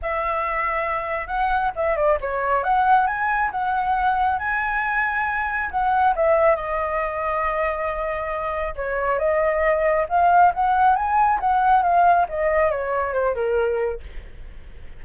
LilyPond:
\new Staff \with { instrumentName = "flute" } { \time 4/4 \tempo 4 = 137 e''2. fis''4 | e''8 d''8 cis''4 fis''4 gis''4 | fis''2 gis''2~ | gis''4 fis''4 e''4 dis''4~ |
dis''1 | cis''4 dis''2 f''4 | fis''4 gis''4 fis''4 f''4 | dis''4 cis''4 c''8 ais'4. | }